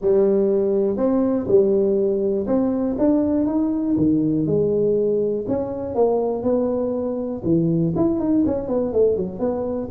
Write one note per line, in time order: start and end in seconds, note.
0.01 0.96 G3
0.96 1.46 C4
1.47 2.46 G3
2.46 2.96 C4
2.98 3.46 D4
3.46 3.96 D#4
3.96 4.46 D#3
4.46 5.45 G#3
5.47 5.95 C#4
5.95 6.43 A#3
6.43 7.42 B3
7.44 7.93 E3
7.96 8.19 E4
8.19 8.44 D#4
8.45 8.68 C#4
8.68 8.92 B3
8.93 9.16 A3
9.16 9.39 F#3
9.39 9.89 B3